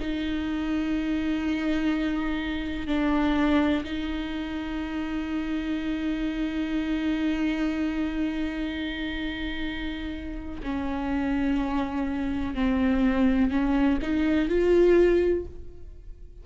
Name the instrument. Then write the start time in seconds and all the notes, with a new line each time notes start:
viola
0.00 D#4
2.88 D4
3.84 D#4
10.63 C#4
12.55 C4
13.51 C#4
14.02 D#4
14.49 F4